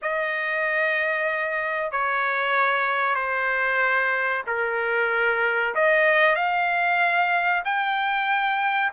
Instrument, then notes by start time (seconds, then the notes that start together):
trumpet
0.02 D#5
1.91 C#5
3.15 C5
4.46 A#4
5.74 D#5
6.35 F5
7.64 G5